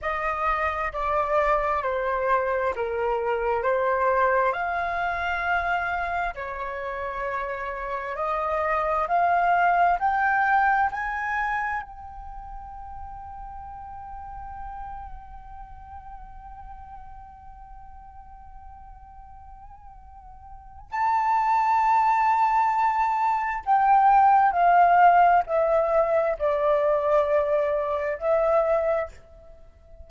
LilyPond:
\new Staff \with { instrumentName = "flute" } { \time 4/4 \tempo 4 = 66 dis''4 d''4 c''4 ais'4 | c''4 f''2 cis''4~ | cis''4 dis''4 f''4 g''4 | gis''4 g''2.~ |
g''1~ | g''2. a''4~ | a''2 g''4 f''4 | e''4 d''2 e''4 | }